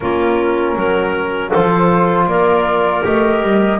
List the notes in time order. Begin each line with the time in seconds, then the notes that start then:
0.00 A#3 C#4 F4 A#4
0.75 F#3 A#4
1.50 F3 F4 A4 C5
2.26 A#3 A#4 D5
3.03 A3 G4 D#5
3.42 G3